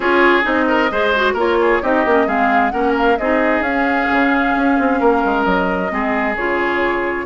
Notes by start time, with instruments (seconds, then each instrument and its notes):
0.00 bassoon C#4, clarinet F4, oboe G#4, flute C#5
0.42 bassoon C4, clarinet D#4, flute D#5
0.68 oboe A#4
0.91 bassoon G#3, clarinet G#4, oboe C5
1.15 clarinet F#4
1.33 bassoon A#3, clarinet F4, oboe A#4, flute C#5
1.61 oboe G#4
1.82 bassoon C4, clarinet D#4, oboe G4, flute D#5
2.05 bassoon A#3, clarinet C#4
2.26 bassoon G#3, clarinet C4, oboe G#4, flute F5
2.70 bassoon A#3, clarinet C#4, oboe A#4, flute F#5
2.97 flute F5
3.17 bassoon C4, clarinet D#4, oboe G#4, flute D#5
3.60 bassoon C#4, clarinet C#4, flute F5
4.10 bassoon C#3
4.56 bassoon C#4
4.78 bassoon C4
5.00 bassoon A#3, oboe A#4
5.24 bassoon G#3
5.44 bassoon F#3, flute D#5
5.89 bassoon G#3, clarinet C4, oboe G#4
6.36 bassoon C#3, clarinet F4, flute C#5